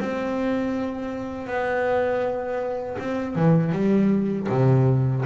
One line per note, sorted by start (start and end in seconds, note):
0.00 1.47 C4
1.47 2.97 B3
2.99 3.35 C4
3.35 3.72 E3
3.72 4.47 G3
4.49 5.24 C3